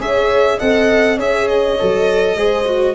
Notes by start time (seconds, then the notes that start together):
0.00 C#4 G#4 C#5 E5
0.58 C4 A4 D#5 F#5
1.17 C#4 G#4 C#5 E5
1.49 D#5
1.80 F#3 A4
2.36 G#3 G#4 C5
2.66 F#4